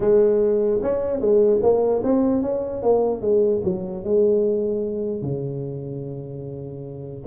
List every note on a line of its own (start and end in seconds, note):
0.00 0.81 G#3
0.82 1.20 C#4
1.20 1.60 G#3
1.62 2.02 A#3
2.03 2.42 C4
2.42 2.82 C#4
2.82 3.21 A#3
3.21 3.61 G#3
3.64 4.04 F#3
4.04 5.21 G#3
5.21 7.23 C#3